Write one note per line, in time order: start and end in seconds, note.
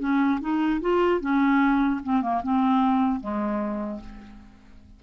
0.00 0.40 C#4
0.41 0.81 D#4
0.81 1.21 F4
1.21 2.01 C#4
2.04 2.22 C4
2.22 2.42 A#3
2.43 3.21 C4
3.21 4.01 G#3